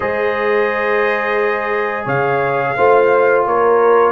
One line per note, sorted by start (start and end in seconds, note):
0.00 2.05 G#3
0.00 2.76 G#4
0.00 2.05 C5
0.00 2.05 D#5
2.05 2.74 C#3
2.05 2.74 C#5
2.05 3.45 F5
2.76 3.46 A3
2.76 4.12 F4
2.76 3.45 C5
3.46 4.12 A#3
3.46 4.12 A#4
3.46 4.12 C#5